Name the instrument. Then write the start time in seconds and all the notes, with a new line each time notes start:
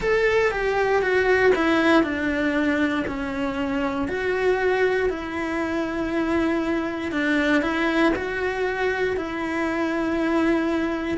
cello
0.00 A4
0.51 G4
1.02 F#4
1.55 E4
2.03 D4
3.07 C#4
4.07 F#4
5.09 E4
7.11 D4
7.61 E4
8.15 F#4
9.17 E4